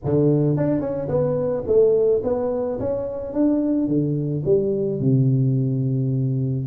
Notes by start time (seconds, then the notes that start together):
0.04 D3
0.57 D4
0.80 C#4
1.08 B3
1.66 A3
2.23 B3
2.79 C#4
3.33 D4
3.87 D3
4.45 G3
5.00 C3